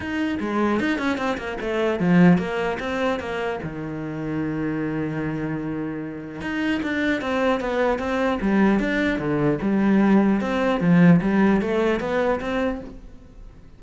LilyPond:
\new Staff \with { instrumentName = "cello" } { \time 4/4 \tempo 4 = 150 dis'4 gis4 dis'8 cis'8 c'8 ais8 | a4 f4 ais4 c'4 | ais4 dis2.~ | dis1 |
dis'4 d'4 c'4 b4 | c'4 g4 d'4 d4 | g2 c'4 f4 | g4 a4 b4 c'4 | }